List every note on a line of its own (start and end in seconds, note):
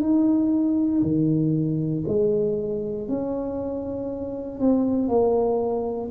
0.00 1.02 D#4
1.02 2.04 D#3
2.08 3.08 G#3
3.08 4.60 C#4
4.60 5.08 C4
5.08 6.10 A#3